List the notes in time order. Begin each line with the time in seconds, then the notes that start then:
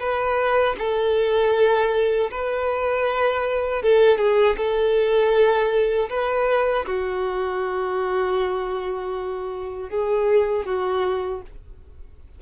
0.00 B4
0.79 A4
2.31 B4
3.83 A4
4.18 G#4
4.57 A4
6.10 B4
6.86 F#4
9.90 G#4
10.66 F#4